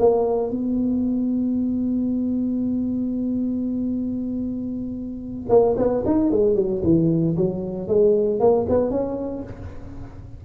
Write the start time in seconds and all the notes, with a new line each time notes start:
0.00 A#3
0.51 B3
5.50 A#3
5.78 B3
6.06 D#4
6.31 G#3
6.56 F#3
6.83 E3
7.37 F#3
7.88 G#3
8.40 A#3
8.70 B3
8.91 C#4